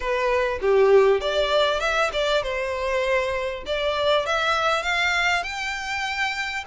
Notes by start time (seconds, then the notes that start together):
0.00 B4
0.61 G4
1.20 D5
1.80 E5
2.12 D5
2.42 C5
3.66 D5
4.26 E5
4.82 F5
5.43 G5